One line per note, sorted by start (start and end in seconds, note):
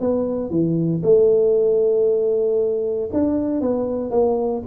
0.00 0.50 B3
0.50 1.02 E3
1.03 3.10 A3
3.13 3.61 D4
3.61 4.11 B3
4.11 4.62 A#3